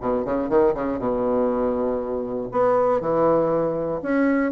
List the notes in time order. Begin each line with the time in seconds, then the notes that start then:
0.00 B2
0.24 C#3
0.49 D#3
0.74 C#3
0.98 B2
2.51 B3
3.00 E3
4.02 C#4